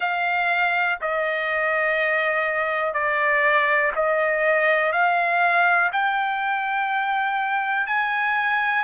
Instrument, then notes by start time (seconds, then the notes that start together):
trumpet
0.00 F5
1.01 D#5
2.93 D5
3.95 D#5
4.92 F5
5.92 G5
7.86 G#5